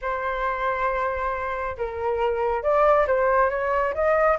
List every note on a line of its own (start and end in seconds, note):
0.01 1.76 C5
1.77 2.62 A#4
2.62 3.06 D5
3.07 3.50 C5
3.50 3.93 C#5
3.94 4.38 D#5